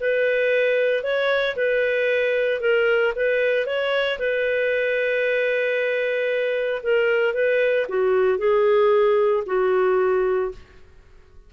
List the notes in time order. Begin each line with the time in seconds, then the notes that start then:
0.00 B4
1.03 C#5
1.56 B4
2.61 A#4
3.15 B4
3.66 C#5
4.19 B4
6.83 A#4
7.34 B4
7.88 F#4
8.38 G#4
9.46 F#4